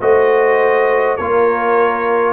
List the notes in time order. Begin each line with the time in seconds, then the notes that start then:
0.00 A3 F#4 C5 D#5
1.16 A#3 F4 A#4 C#5